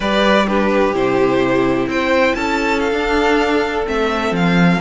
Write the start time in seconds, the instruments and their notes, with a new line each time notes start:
0.00 cello G3, viola G4, violin B4 D5
0.47 viola D4, violin G4 B4
0.93 cello C3, viola E4, violin C5
1.87 cello C4, violin C5 G5
2.34 cello C#4, violin A4 A5
2.79 violin F5
2.91 cello D4, viola D4
3.85 cello A3, viola C4, violin E5
4.31 cello F3, violin F5